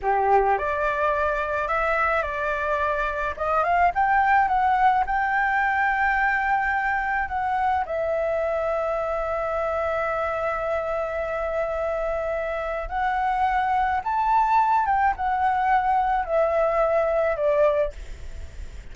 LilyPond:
\new Staff \with { instrumentName = "flute" } { \time 4/4 \tempo 4 = 107 g'4 d''2 e''4 | d''2 dis''8 f''8 g''4 | fis''4 g''2.~ | g''4 fis''4 e''2~ |
e''1~ | e''2. fis''4~ | fis''4 a''4. g''8 fis''4~ | fis''4 e''2 d''4 | }